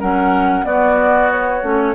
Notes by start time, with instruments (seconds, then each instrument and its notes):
0.00 bassoon F#3, clarinet C#4, oboe A#4, flute F#5
0.64 clarinet B3, bassoon B3, oboe F#4, flute D5
1.32 flute C#5
1.62 bassoon A3, clarinet C#4